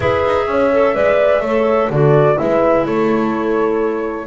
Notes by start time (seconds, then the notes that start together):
0.00 E4 G#4 B4 E5
0.26 D#4
0.46 C#4 C#5
0.72 A4
0.94 G#3 B4 D5
1.40 A3 C#5
1.46 A4
1.89 D3 F#4 A4 D5
2.36 G#3 E4 B4 E5
2.85 A3 A4 C#5